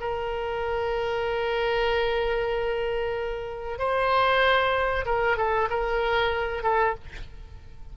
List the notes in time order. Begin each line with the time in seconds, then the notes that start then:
0.00 A#4
3.78 C5
5.05 A#4
5.37 A4
5.69 A#4
6.63 A4